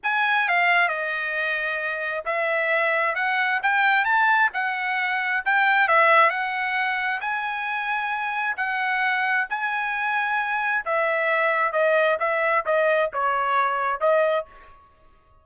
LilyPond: \new Staff \with { instrumentName = "trumpet" } { \time 4/4 \tempo 4 = 133 gis''4 f''4 dis''2~ | dis''4 e''2 fis''4 | g''4 a''4 fis''2 | g''4 e''4 fis''2 |
gis''2. fis''4~ | fis''4 gis''2. | e''2 dis''4 e''4 | dis''4 cis''2 dis''4 | }